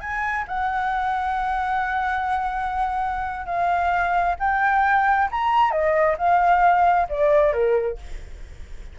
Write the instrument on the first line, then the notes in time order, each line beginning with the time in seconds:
flute
0.00 G#5
0.47 F#5
3.46 F5
4.39 G5
5.31 A#5
5.71 D#5
6.18 F5
7.09 D5
7.52 A#4